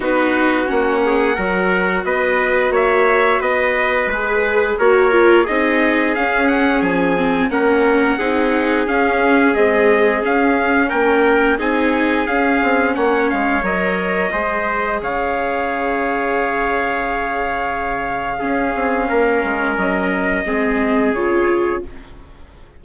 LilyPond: <<
  \new Staff \with { instrumentName = "trumpet" } { \time 4/4 \tempo 4 = 88 b'4 fis''2 dis''4 | e''4 dis''4 b'4 cis''4 | dis''4 f''8 fis''8 gis''4 fis''4~ | fis''4 f''4 dis''4 f''4 |
g''4 gis''4 f''4 fis''8 f''8 | dis''2 f''2~ | f''1~ | f''4 dis''2 cis''4 | }
  \new Staff \with { instrumentName = "trumpet" } { \time 4/4 fis'4. gis'8 ais'4 b'4 | cis''4 b'2 ais'4 | gis'2. ais'4 | gis'1 |
ais'4 gis'2 cis''4~ | cis''4 c''4 cis''2~ | cis''2. gis'4 | ais'2 gis'2 | }
  \new Staff \with { instrumentName = "viola" } { \time 4/4 dis'4 cis'4 fis'2~ | fis'2 gis'4 fis'8 f'8 | dis'4 cis'4. c'8 cis'4 | dis'4 cis'4 gis4 cis'4~ |
cis'4 dis'4 cis'2 | ais'4 gis'2.~ | gis'2. cis'4~ | cis'2 c'4 f'4 | }
  \new Staff \with { instrumentName = "bassoon" } { \time 4/4 b4 ais4 fis4 b4 | ais4 b4 gis4 ais4 | c'4 cis'4 f4 ais4 | c'4 cis'4 c'4 cis'4 |
ais4 c'4 cis'8 c'8 ais8 gis8 | fis4 gis4 cis2~ | cis2. cis'8 c'8 | ais8 gis8 fis4 gis4 cis4 | }
>>